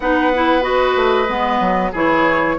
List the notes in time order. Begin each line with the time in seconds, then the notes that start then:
0.00 B3 D#4 B4 F#5
0.34 E4
0.61 F#4 D#5
0.95 A3
1.28 G#3 B3
1.59 F#3
1.91 E3 E4 G#4 C#5